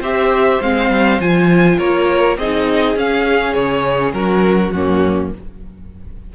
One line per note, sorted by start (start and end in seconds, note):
0.00 0.59 C4
0.00 0.62 G4
0.00 1.77 C5
0.00 0.62 E5
0.61 0.89 G#3
0.61 1.20 C4
0.61 1.21 F5
0.89 1.19 G3
1.19 1.78 F3
1.19 2.37 F4
1.19 1.79 G#5
1.78 2.37 A#3
1.78 2.37 A#4
1.78 2.37 C#5
2.37 2.96 C4
2.37 2.96 D#4
2.37 4.15 G#4
2.37 2.97 D#5
2.96 4.72 C#4
2.96 3.55 C#4
2.96 3.54 F5
3.54 4.13 C#3
3.54 4.12 C#5
4.13 4.72 F#3
4.13 4.74 F#4
4.13 4.71 A#4
4.71 5.32 F#2
4.71 5.35 A#3
4.71 5.33 C#4
4.71 5.30 F#4